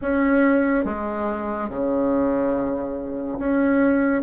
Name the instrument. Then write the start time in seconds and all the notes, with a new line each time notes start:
bassoon
0.01 C#4
0.85 G#3
1.69 C#3
3.38 C#4